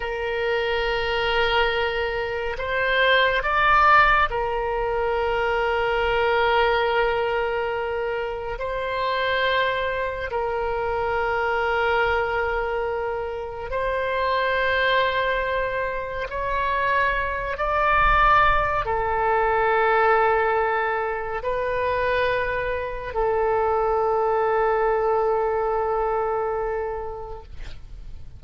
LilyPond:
\new Staff \with { instrumentName = "oboe" } { \time 4/4 \tempo 4 = 70 ais'2. c''4 | d''4 ais'2.~ | ais'2 c''2 | ais'1 |
c''2. cis''4~ | cis''8 d''4. a'2~ | a'4 b'2 a'4~ | a'1 | }